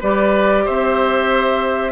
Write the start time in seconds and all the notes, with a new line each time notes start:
0.00 G3 G4 B4 D5
0.65 C4 C5 E5